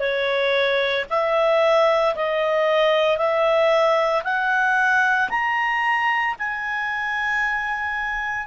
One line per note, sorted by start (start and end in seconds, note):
0.00 1.05 C#5
1.10 2.15 E5
2.16 3.18 D#5
3.18 4.23 E5
4.24 5.29 F#5
5.30 6.35 A#5
6.39 8.47 G#5